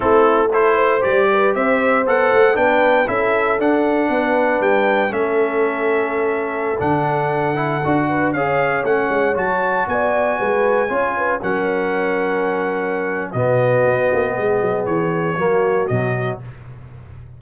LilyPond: <<
  \new Staff \with { instrumentName = "trumpet" } { \time 4/4 \tempo 4 = 117 a'4 c''4 d''4 e''4 | fis''4 g''4 e''4 fis''4~ | fis''4 g''4 e''2~ | e''4~ e''16 fis''2~ fis''8.~ |
fis''16 f''4 fis''4 a''4 gis''8.~ | gis''2~ gis''16 fis''4.~ fis''16~ | fis''2 dis''2~ | dis''4 cis''2 dis''4 | }
  \new Staff \with { instrumentName = "horn" } { \time 4/4 e'4 a'8 c''4 b'8 c''4~ | c''4 b'4 a'2 | b'2 a'2~ | a'2.~ a'8. b'16~ |
b'16 cis''2. d''8.~ | d''16 b'4 cis''8 b'8 ais'4.~ ais'16~ | ais'2 fis'2 | gis'2 fis'2 | }
  \new Staff \with { instrumentName = "trombone" } { \time 4/4 c'4 e'4 g'2 | a'4 d'4 e'4 d'4~ | d'2 cis'2~ | cis'4~ cis'16 d'4. e'8 fis'8.~ |
fis'16 gis'4 cis'4 fis'4.~ fis'16~ | fis'4~ fis'16 f'4 cis'4.~ cis'16~ | cis'2 b2~ | b2 ais4 fis4 | }
  \new Staff \with { instrumentName = "tuba" } { \time 4/4 a2 g4 c'4 | b8 a8 b4 cis'4 d'4 | b4 g4 a2~ | a4~ a16 d2 d'8.~ |
d'16 cis'4 a8 gis8 fis4 b8.~ | b16 gis4 cis'4 fis4.~ fis16~ | fis2 b,4 b8 ais8 | gis8 fis8 e4 fis4 b,4 | }
>>